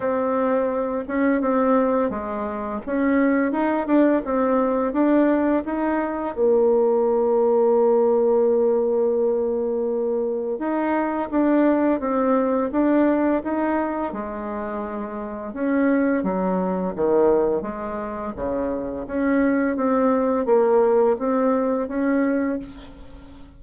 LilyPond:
\new Staff \with { instrumentName = "bassoon" } { \time 4/4 \tempo 4 = 85 c'4. cis'8 c'4 gis4 | cis'4 dis'8 d'8 c'4 d'4 | dis'4 ais2.~ | ais2. dis'4 |
d'4 c'4 d'4 dis'4 | gis2 cis'4 fis4 | dis4 gis4 cis4 cis'4 | c'4 ais4 c'4 cis'4 | }